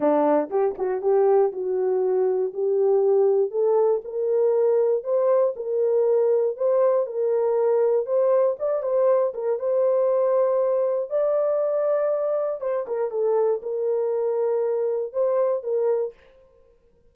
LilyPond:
\new Staff \with { instrumentName = "horn" } { \time 4/4 \tempo 4 = 119 d'4 g'8 fis'8 g'4 fis'4~ | fis'4 g'2 a'4 | ais'2 c''4 ais'4~ | ais'4 c''4 ais'2 |
c''4 d''8 c''4 ais'8 c''4~ | c''2 d''2~ | d''4 c''8 ais'8 a'4 ais'4~ | ais'2 c''4 ais'4 | }